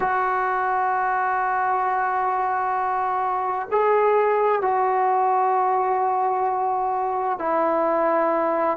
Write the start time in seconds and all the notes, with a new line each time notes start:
0.00 F#4
3.71 G#4
4.62 F#4
7.38 E4